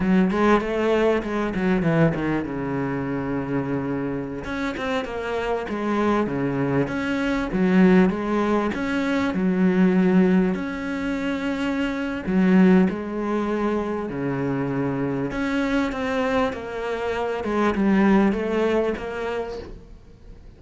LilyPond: \new Staff \with { instrumentName = "cello" } { \time 4/4 \tempo 4 = 98 fis8 gis8 a4 gis8 fis8 e8 dis8 | cis2.~ cis16 cis'8 c'16~ | c'16 ais4 gis4 cis4 cis'8.~ | cis'16 fis4 gis4 cis'4 fis8.~ |
fis4~ fis16 cis'2~ cis'8. | fis4 gis2 cis4~ | cis4 cis'4 c'4 ais4~ | ais8 gis8 g4 a4 ais4 | }